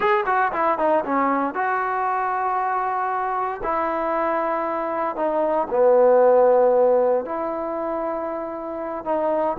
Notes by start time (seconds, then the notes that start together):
0.00 G#4
0.26 F#4
0.52 E4
0.78 D#4
1.04 C#4
1.54 F#4
3.63 E4
5.16 D#4
5.70 B3
7.25 E4
9.04 D#4